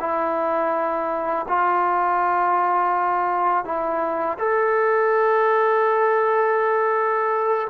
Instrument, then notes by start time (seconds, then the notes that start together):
trombone
0.00 E4
1.48 F4
3.65 E4
4.39 A4